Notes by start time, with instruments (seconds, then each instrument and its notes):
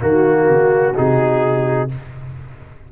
0.00 tuba D#3, trombone A#3, trumpet F#4, horn F#4
0.50 tuba C#3
0.95 tuba C3, trombone D#4, trumpet G#4